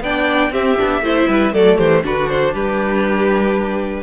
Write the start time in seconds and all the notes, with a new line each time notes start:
0.00 B3 D4 D5 G5
0.50 C4 G4 E5
0.77 B3 D4
1.01 A3 E4 C5
1.27 G3 B4
1.53 F#3 A3 A4 D5
1.77 E3 G4 C5
2.03 D3 D4 F#4 B4
2.29 C5
2.53 G3 G4 B4